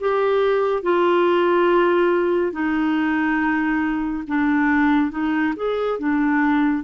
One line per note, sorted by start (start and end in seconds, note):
0.00 0.83 G4
0.83 2.52 F4
2.52 4.24 D#4
4.27 5.11 D4
5.11 5.54 D#4
5.56 5.99 G#4
5.99 6.83 D4